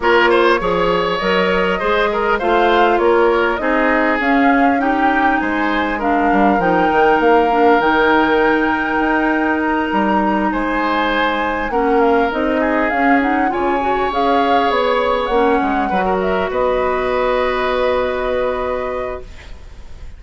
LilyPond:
<<
  \new Staff \with { instrumentName = "flute" } { \time 4/4 \tempo 4 = 100 cis''2 dis''2 | f''4 cis''4 dis''4 f''4 | g''4 gis''4 f''4 g''4 | f''4 g''2. |
ais''4. gis''2 fis''8 | f''8 dis''4 f''8 fis''8 gis''4 f''8~ | f''8 cis''4 fis''4. e''8 dis''8~ | dis''1 | }
  \new Staff \with { instrumentName = "oboe" } { \time 4/4 ais'8 c''8 cis''2 c''8 ais'8 | c''4 ais'4 gis'2 | g'4 c''4 ais'2~ | ais'1~ |
ais'4. c''2 ais'8~ | ais'4 gis'4. cis''4.~ | cis''2~ cis''8 b'16 ais'8. b'8~ | b'1 | }
  \new Staff \with { instrumentName = "clarinet" } { \time 4/4 f'4 gis'4 ais'4 gis'4 | f'2 dis'4 cis'4 | dis'2 d'4 dis'4~ | dis'8 d'8 dis'2.~ |
dis'2.~ dis'8 cis'8~ | cis'8 dis'4 cis'8 dis'8 f'8 fis'8 gis'8~ | gis'4. cis'4 fis'4.~ | fis'1 | }
  \new Staff \with { instrumentName = "bassoon" } { \time 4/4 ais4 f4 fis4 gis4 | a4 ais4 c'4 cis'4~ | cis'4 gis4. g8 f8 dis8 | ais4 dis2 dis'4~ |
dis'8 g4 gis2 ais8~ | ais8 c'4 cis'4 cis4 cis'8~ | cis'8 b4 ais8 gis8 fis4 b8~ | b1 | }
>>